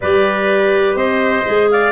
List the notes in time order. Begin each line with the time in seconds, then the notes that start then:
0.01 G3 G4 B4 D5
0.95 C4 C5 D#5
1.45 G#3 G#4
1.70 D5 F5